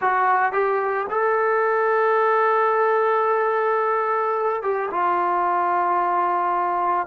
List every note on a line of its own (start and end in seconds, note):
0.01 0.52 F#4
0.52 1.07 G4
1.10 4.62 A4
4.62 4.89 G4
4.90 7.07 F4